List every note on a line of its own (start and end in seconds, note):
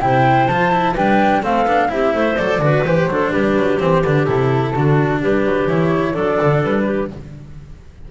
0.00 0.48 C3
0.00 0.48 E4
0.00 0.94 C5
0.00 0.47 G5
0.47 0.95 F3
0.47 0.71 F4
0.47 0.95 A5
0.71 0.95 E4
0.94 1.43 G3
0.94 1.43 D4
0.94 1.41 B4
0.94 1.43 G5
1.42 1.64 A3
1.42 1.66 C4
1.42 1.89 A4
1.42 1.90 F5
1.64 1.88 B3
1.64 1.88 D4
1.88 2.12 C4
1.88 2.35 E4
1.88 2.13 G4
1.88 2.37 E5
2.13 2.38 A3
2.13 2.61 C5
2.37 2.58 F#3
2.37 2.61 A4
2.37 2.84 D5
2.58 2.81 D3
2.58 2.85 F#4
2.58 3.09 B4
2.84 3.06 E3
2.84 3.10 G4
2.84 3.31 C5
3.06 3.29 F#3
3.06 3.79 D4
3.06 3.31 A4
3.31 3.56 G3
3.31 4.72 G4
3.31 3.79 B4
3.56 3.79 F#3
3.79 4.03 E3
3.79 4.02 C4
3.79 4.01 C5
4.01 4.27 D3
4.01 4.27 D4
4.01 4.25 B4
4.27 4.75 C3
4.27 4.74 E4
4.27 5.22 A4
4.72 5.22 D3
4.72 5.68 D4
4.72 5.19 F#4
5.21 5.45 G3
5.21 6.12 G4
5.21 5.68 B4
5.45 5.67 F#3
5.67 6.14 E3
5.67 6.14 E4
5.67 6.15 C#5
6.12 6.38 F#3
6.12 7.08 D4
6.12 6.83 A4
6.12 6.62 D5
6.41 6.63 D3
6.63 7.10 G3
6.63 7.10 B4
6.84 7.07 G4